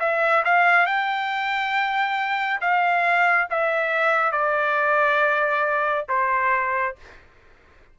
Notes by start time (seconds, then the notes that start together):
0.00 E5
0.45 F5
0.86 G5
2.61 F5
3.51 E5
4.32 D5
6.09 C5